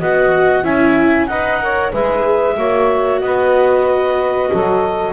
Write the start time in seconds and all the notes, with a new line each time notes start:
0.00 B3 F#4 D#5 F#5
0.63 C#4 E4 E5 G#5
1.27 D#4 B4 D#5 F#5
1.61 A#4 C#5
1.92 G#3 G#4 B4 E5
2.57 A#3 F#4 C#5
3.21 B3 B4 D#5
4.51 F#3 A4